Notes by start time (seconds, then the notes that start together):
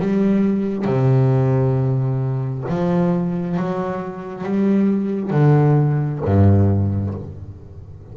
0.00 G3
0.85 C3
2.69 F3
3.57 F#3
4.44 G3
5.31 D3
6.25 G2